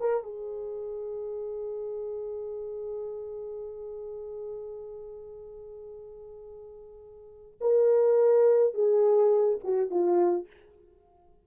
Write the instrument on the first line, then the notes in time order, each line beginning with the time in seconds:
horn
0.00 A#4
0.23 G#4
7.61 A#4
8.74 G#4
9.63 F#4
9.90 F4